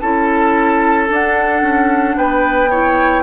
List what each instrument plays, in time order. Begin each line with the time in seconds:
0.00 bassoon C#4, clarinet E4, oboe A4, flute A5
1.07 clarinet D4, bassoon D4, flute F#5
1.62 bassoon C#4
2.17 bassoon B3, oboe B4, flute G5
2.70 clarinet E4, oboe C#5